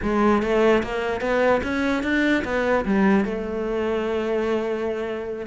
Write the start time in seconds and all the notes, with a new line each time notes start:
0.02 G#3
0.42 A3
0.83 A#3
1.20 B3
1.63 C#4
2.03 D4
2.44 B3
2.85 G3
3.24 A3